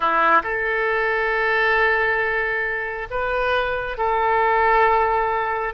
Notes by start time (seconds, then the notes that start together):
0.00 E4
0.43 A4
3.10 B4
3.97 A4